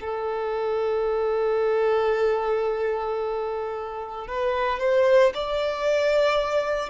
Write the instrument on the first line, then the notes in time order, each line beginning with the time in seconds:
violin
0.00 A4
4.27 B4
4.79 C5
5.34 D5